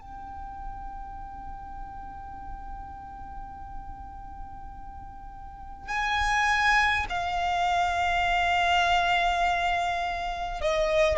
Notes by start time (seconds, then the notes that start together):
0.00 G5
5.88 G#5
7.09 F5
10.61 D#5